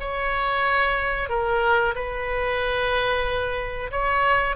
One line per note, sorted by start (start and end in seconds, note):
0.00 1.29 C#5
1.29 1.94 A#4
1.95 3.91 B4
3.91 4.56 C#5